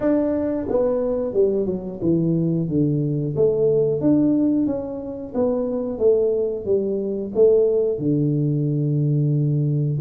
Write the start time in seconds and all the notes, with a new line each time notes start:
0.00 D4
0.68 B3
1.33 G3
1.66 F#3
2.02 E3
2.68 D3
3.35 A3
4.00 D4
4.66 C#4
5.34 B3
5.98 A3
6.65 G3
7.34 A3
7.98 D3